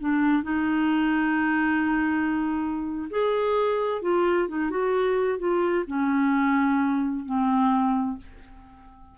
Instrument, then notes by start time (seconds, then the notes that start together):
clarinet
0.00 D4
0.43 D#4
3.10 G#4
4.02 F4
4.48 D#4
4.70 F#4
5.38 F4
5.87 C#4
7.25 C4